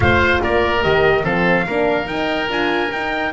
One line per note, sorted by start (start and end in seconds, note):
0.00 0.40 A3
0.00 0.80 F4
0.00 0.42 C5
0.00 0.41 F5
0.42 0.84 A#3
0.42 1.23 A#4
0.42 0.83 D5
0.81 1.23 D#3
0.81 1.23 G4
0.81 1.25 D#5
1.23 1.65 F3
1.23 1.65 C4
1.23 1.65 A4
1.23 2.07 F5
1.66 2.07 A#3
1.66 2.06 D4
1.66 3.32 A#4
2.06 2.47 D#4
2.06 2.48 D#4
2.06 2.49 G5
2.48 2.90 D4
2.48 2.90 F4
2.48 2.91 G#5
2.91 3.32 D#4
2.91 3.32 G5